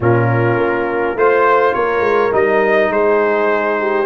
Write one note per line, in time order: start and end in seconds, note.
0.00 0.56 A#2
0.00 1.17 C#4
0.00 1.17 F4
0.00 1.18 A#4
0.56 1.14 A#3
1.15 1.73 A3
1.15 2.31 F4
1.15 1.75 C5
1.15 1.74 C5
1.74 2.00 A#3
1.74 2.91 A#4
1.74 2.32 C#5
2.00 2.29 G#3
2.31 2.89 G3
2.31 4.05 D#4
2.31 2.92 D#5
2.89 4.05 G#3
2.89 3.79 G#4
2.89 4.05 C5
3.80 4.05 G4